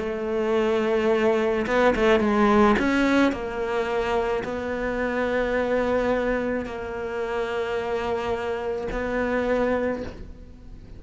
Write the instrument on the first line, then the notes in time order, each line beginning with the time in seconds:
cello
0.00 A3
1.67 B3
1.96 A3
2.21 G#3
2.79 C#4
3.32 A#3
4.44 B3
6.66 A#3
8.92 B3